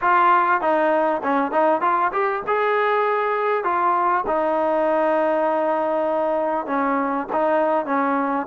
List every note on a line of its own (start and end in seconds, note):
0.01 0.61 F4
0.61 1.21 D#4
1.23 1.51 C#4
1.51 1.81 D#4
1.81 2.11 F4
2.12 2.42 G4
2.47 3.64 G#4
3.64 4.24 F4
4.26 6.66 D#4
6.66 7.27 C#4
7.32 7.85 D#4
7.85 8.46 C#4